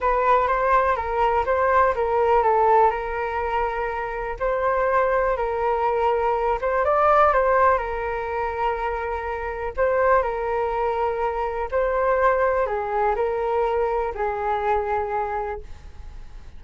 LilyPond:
\new Staff \with { instrumentName = "flute" } { \time 4/4 \tempo 4 = 123 b'4 c''4 ais'4 c''4 | ais'4 a'4 ais'2~ | ais'4 c''2 ais'4~ | ais'4. c''8 d''4 c''4 |
ais'1 | c''4 ais'2. | c''2 gis'4 ais'4~ | ais'4 gis'2. | }